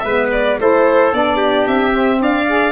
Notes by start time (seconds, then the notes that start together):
0.00 G#3 B4 E5
0.06 B3
0.32 D5
0.60 A3 E4 A4 C5
1.13 B3 D4 D5
1.37 G4
1.68 C4 E5
1.91 C4
2.21 D4 D5 F5
2.49 G#4